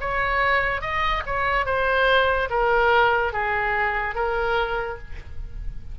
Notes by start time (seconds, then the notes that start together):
0.00 C#5
0.81 D#5
1.26 C#5
1.66 C5
2.50 A#4
3.33 G#4
4.14 A#4